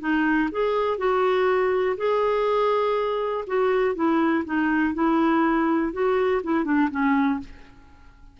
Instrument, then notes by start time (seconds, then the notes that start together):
clarinet
0.00 D#4
0.51 G#4
0.97 F#4
1.96 G#4
3.47 F#4
3.95 E4
4.45 D#4
4.94 E4
5.92 F#4
6.43 E4
6.64 D4
6.90 C#4